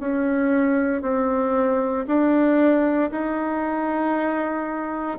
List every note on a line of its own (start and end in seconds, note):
0.00 1.03 C#4
1.03 2.06 C4
2.07 3.11 D4
3.11 5.18 D#4